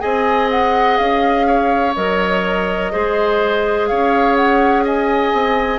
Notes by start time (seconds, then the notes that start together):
0.00 C4 G#4 D#5 G#5
0.51 F#5
0.98 C#4 F5
1.47 C#5
1.96 F#3 A#4 D#5
2.92 G#3 G#4 C5
3.87 C#4 C#5 F5
4.36 F#5
4.85 D#5 G#5
5.34 C4